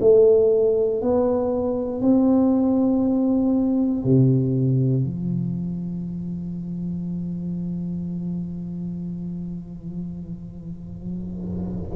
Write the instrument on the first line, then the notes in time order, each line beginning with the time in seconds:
tuba
0.00 A3
1.02 B3
2.01 C4
4.04 C3
5.04 F3